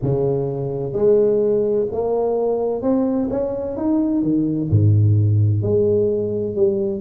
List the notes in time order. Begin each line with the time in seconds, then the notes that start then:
0.02 C#3
0.92 G#3
1.91 A#3
2.82 C4
3.30 C#4
3.76 D#4
4.22 D#3
4.70 G#2
5.62 G#3
6.55 G3